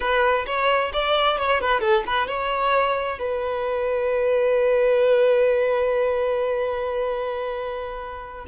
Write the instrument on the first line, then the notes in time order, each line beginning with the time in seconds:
violin
0.00 B4
0.46 C#5
0.93 D5
1.38 C#5
1.61 B4
1.80 A4
2.06 B4
2.27 C#5
3.18 B4